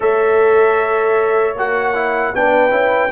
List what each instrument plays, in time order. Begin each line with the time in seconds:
0.00 tuba A3, trombone A4, horn C#5, trumpet E5
1.54 tuba A#3, trombone F#4, trumpet F#5
1.94 trombone E4
2.34 tuba B3, trombone D4, horn B4, trumpet G5
2.70 tuba C#4, trombone E4